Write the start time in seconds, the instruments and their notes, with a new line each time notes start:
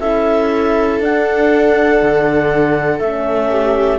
0.00 cello C#4, horn E4, viola A4, clarinet E5
1.00 cello D4, horn D4, clarinet F#5
2.02 cello D3
3.00 cello A3, horn C#4, clarinet E5
3.49 viola G4